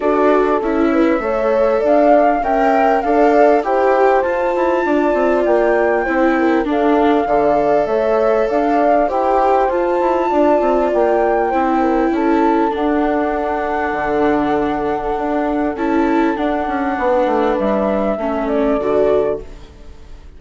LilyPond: <<
  \new Staff \with { instrumentName = "flute" } { \time 4/4 \tempo 4 = 99 d''4 e''2 f''4 | g''4 f''4 g''4 a''4~ | a''4 g''2 f''4~ | f''4 e''4 f''4 g''4 |
a''2 g''2 | a''4 fis''2.~ | fis''2 a''4 fis''4~ | fis''4 e''4. d''4. | }
  \new Staff \with { instrumentName = "horn" } { \time 4/4 a'4. b'8 cis''4 d''4 | e''4 d''4 c''2 | d''2 c''8 ais'8 a'4 | d''4 cis''4 d''4 c''4~ |
c''4 d''2 c''8 ais'8 | a'1~ | a'1 | b'2 a'2 | }
  \new Staff \with { instrumentName = "viola" } { \time 4/4 fis'4 e'4 a'2 | ais'4 a'4 g'4 f'4~ | f'2 e'4 d'4 | a'2. g'4 |
f'2. e'4~ | e'4 d'2.~ | d'2 e'4 d'4~ | d'2 cis'4 fis'4 | }
  \new Staff \with { instrumentName = "bassoon" } { \time 4/4 d'4 cis'4 a4 d'4 | cis'4 d'4 e'4 f'8 e'8 | d'8 c'8 ais4 c'4 d'4 | d4 a4 d'4 e'4 |
f'8 e'8 d'8 c'8 ais4 c'4 | cis'4 d'2 d4~ | d4 d'4 cis'4 d'8 cis'8 | b8 a8 g4 a4 d4 | }
>>